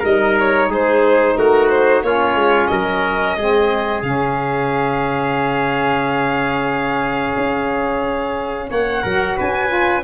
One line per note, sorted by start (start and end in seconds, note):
0.00 0.68 G3
0.00 2.04 D#4
0.00 0.67 A#4
0.00 0.38 D#5
0.39 0.72 C#5
0.68 1.34 G#3
0.68 1.36 G#4
0.68 1.37 C5
1.36 2.03 A3
1.36 2.05 F#4
1.36 1.69 A#4
1.69 2.02 C5
2.03 2.35 A#3
2.03 3.38 C#4
2.03 2.70 F4
2.03 2.67 C#5
2.35 2.68 G#3
2.67 3.36 F#3
2.67 3.37 A#4
2.67 4.01 D#5
3.36 4.02 G#3
3.36 4.02 C4
3.36 8.70 G#4
4.02 7.35 C#3
4.02 9.02 C#4
4.02 8.69 F5
7.37 8.70 C#4
8.70 9.04 A#3
8.70 9.02 C#5
8.70 9.38 F#5
9.02 9.38 F#3
9.02 9.68 F#4
9.02 9.36 A#4
9.37 10.04 C#4
9.37 10.03 B4
9.37 10.04 G#5
9.68 10.01 F4